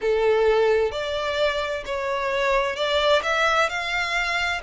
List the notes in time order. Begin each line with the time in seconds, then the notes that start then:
0.01 A4
0.91 D5
1.85 C#5
2.76 D5
3.23 E5
3.69 F5